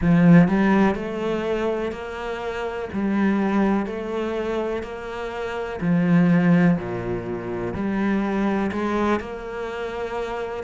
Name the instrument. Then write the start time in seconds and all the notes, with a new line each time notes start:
cello
0.01 F3
0.48 G3
0.95 A3
1.92 A#3
2.93 G3
3.85 A3
4.82 A#3
5.80 F3
6.77 A#2
7.74 G3
8.71 G#3
9.19 A#3